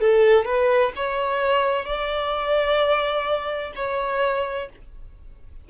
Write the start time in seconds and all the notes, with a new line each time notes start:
0.00 A4
0.45 B4
0.95 C#5
1.85 D5
3.75 C#5